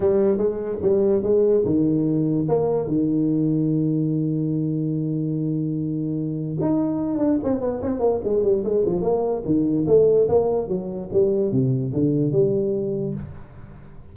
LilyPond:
\new Staff \with { instrumentName = "tuba" } { \time 4/4 \tempo 4 = 146 g4 gis4 g4 gis4 | dis2 ais4 dis4~ | dis1~ | dis1 |
dis'4. d'8 c'8 b8 c'8 ais8 | gis8 g8 gis8 f8 ais4 dis4 | a4 ais4 fis4 g4 | c4 d4 g2 | }